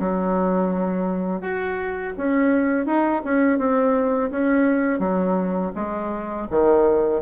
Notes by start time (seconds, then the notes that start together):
0.00 F#3
1.42 F#4
2.18 C#4
2.87 D#4
3.25 C#4
3.59 C4
4.31 C#4
5.00 F#3
5.76 G#3
6.51 D#3